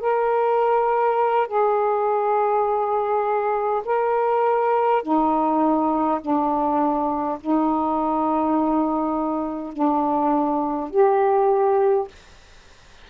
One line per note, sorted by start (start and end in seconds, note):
0.00 1.47 A#4
1.47 3.82 G#4
3.84 5.02 A#4
5.02 6.20 D#4
6.21 7.39 D4
7.41 9.73 D#4
9.73 10.90 D4
10.90 12.08 G4